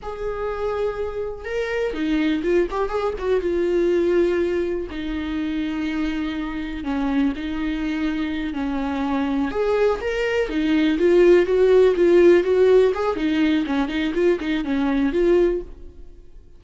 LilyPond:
\new Staff \with { instrumentName = "viola" } { \time 4/4 \tempo 4 = 123 gis'2. ais'4 | dis'4 f'8 g'8 gis'8 fis'8 f'4~ | f'2 dis'2~ | dis'2 cis'4 dis'4~ |
dis'4. cis'2 gis'8~ | gis'8 ais'4 dis'4 f'4 fis'8~ | fis'8 f'4 fis'4 gis'8 dis'4 | cis'8 dis'8 f'8 dis'8 cis'4 f'4 | }